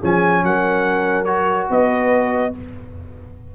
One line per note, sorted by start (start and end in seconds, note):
0.00 0.43 F3
0.00 1.26 C#4
0.00 0.42 G#4
0.00 0.44 G#5
0.43 1.69 F#3
0.43 1.71 A#4
0.43 1.24 F#5
1.24 2.52 F#4
1.24 1.66 C#5
1.69 2.53 B3
1.69 2.55 B4
1.69 2.55 D#5